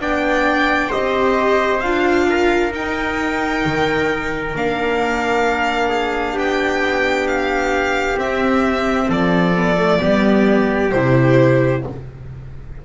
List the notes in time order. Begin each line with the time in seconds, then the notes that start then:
0.00 B3 D4 D5 G5
0.89 C4 G4 C5 D#5
1.81 D4 F4 F5
2.30 A#4
2.72 D#4 G5
3.65 D#3
4.55 A#3 D4 F5
5.89 G#4
6.34 B3 G4 G5
7.28 F5
8.16 C4 E5
9.09 F3 A4 D5
9.56 B3
9.77 A3
10.00 G3 B3 G4
10.91 C3 E4 C5